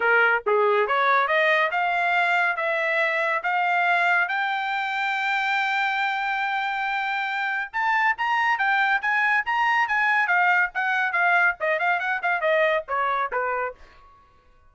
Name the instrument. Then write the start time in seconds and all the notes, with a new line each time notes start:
trumpet
0.00 A#4
0.46 G#4
0.87 C#5
1.27 D#5
1.71 F5
2.56 E5
3.43 F5
4.28 G5
7.72 A5
8.17 A#5
8.58 G5
9.01 G#5
9.45 A#5
9.88 G#5
10.27 F5
10.74 F#5
11.12 F5
11.60 D#5
11.79 F5
11.99 F#5
12.22 F5
12.41 D#5
12.88 C#5
13.31 B4